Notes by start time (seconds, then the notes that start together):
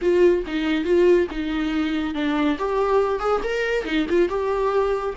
0.01 F4
0.46 D#4
0.84 F4
1.31 D#4
2.14 D4
2.58 G4
3.19 G#4
3.43 A#4
3.85 D#4
4.09 F4
4.28 G4